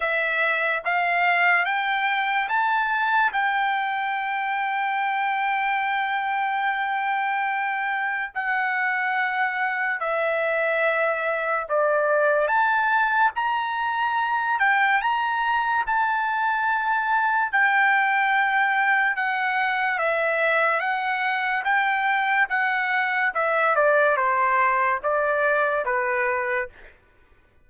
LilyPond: \new Staff \with { instrumentName = "trumpet" } { \time 4/4 \tempo 4 = 72 e''4 f''4 g''4 a''4 | g''1~ | g''2 fis''2 | e''2 d''4 a''4 |
ais''4. g''8 ais''4 a''4~ | a''4 g''2 fis''4 | e''4 fis''4 g''4 fis''4 | e''8 d''8 c''4 d''4 b'4 | }